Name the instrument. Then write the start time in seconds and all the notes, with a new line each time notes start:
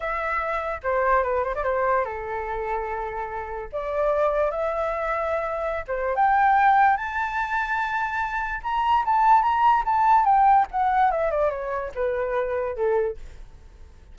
flute
0.00 E5
0.83 C5
1.23 B4
1.44 C5
1.54 D5
1.63 C5
2.04 A4
3.72 D5
4.51 E5
5.87 C5
6.15 G5
6.97 A5
8.63 A#5
9.05 A5
9.42 A#5
9.85 A5
10.24 G5
10.71 F#5
11.11 E5
11.30 D5
11.50 C#5
11.94 B4
12.75 A4